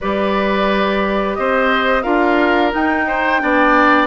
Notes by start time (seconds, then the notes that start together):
0.00 G3 G4 B4 D5
1.34 C4 C5 D#5
2.02 D4 F4 A#4 F5
2.71 D#4 G5
3.07 C5
3.39 B3 D4 D5